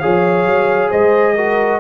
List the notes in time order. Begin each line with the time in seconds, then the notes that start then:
0.00 F3 G#4 C#5 F5
0.46 F#3
0.90 G#3 C5 D#5
1.35 F#4 A#4